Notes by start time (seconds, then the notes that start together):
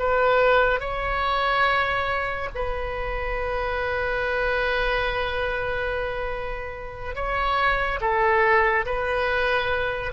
0.00 B4
0.81 C#5
2.55 B4
7.16 C#5
8.01 A4
8.86 B4